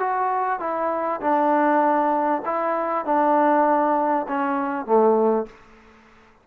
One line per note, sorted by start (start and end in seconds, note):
0.00 0.60 F#4
0.60 1.21 E4
1.21 2.43 D4
2.46 3.06 E4
3.06 4.27 D4
4.28 4.86 C#4
4.86 5.47 A3